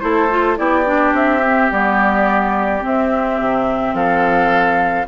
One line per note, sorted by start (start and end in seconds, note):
0.00 0.58 A3
0.00 0.28 E4
0.00 0.59 A4
0.00 0.56 C5
0.30 0.56 F4
0.56 1.13 B3
0.56 0.84 E4
0.56 3.95 G4
0.56 1.13 D5
0.85 1.41 D4
1.13 1.69 C4
1.13 1.71 E5
1.44 1.71 C4
1.71 2.83 G3
1.71 2.80 B3
1.71 2.84 D5
2.80 5.04 C4
2.80 3.40 C4
2.80 3.94 E5
3.40 3.93 C3
3.93 5.06 F3
3.93 5.07 A4
3.93 5.07 F5